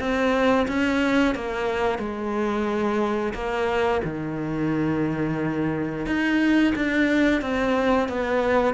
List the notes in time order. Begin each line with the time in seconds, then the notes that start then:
0.00 C4
0.68 C#4
1.35 A#3
1.99 G#3
3.34 A#3
4.04 D#3
6.06 D#4
6.76 D4
7.42 C4
8.09 B3